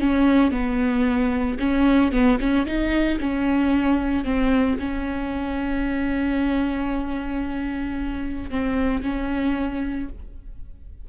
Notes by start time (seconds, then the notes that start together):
0.00 C#4
0.51 B3
1.59 C#4
2.12 B3
2.40 C#4
2.66 D#4
3.20 C#4
4.24 C4
4.79 C#4
8.50 C4
9.02 C#4